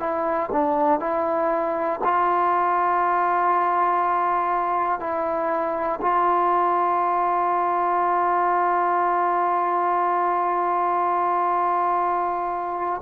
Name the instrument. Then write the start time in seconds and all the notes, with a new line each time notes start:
trombone
0.00 E4
0.52 D4
1.00 E4
2.04 F4
5.00 E4
6.01 F4